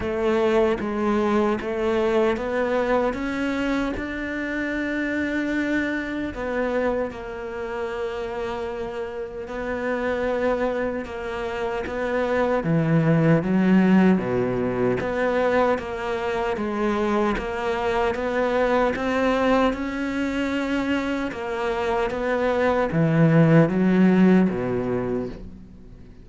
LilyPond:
\new Staff \with { instrumentName = "cello" } { \time 4/4 \tempo 4 = 76 a4 gis4 a4 b4 | cis'4 d'2. | b4 ais2. | b2 ais4 b4 |
e4 fis4 b,4 b4 | ais4 gis4 ais4 b4 | c'4 cis'2 ais4 | b4 e4 fis4 b,4 | }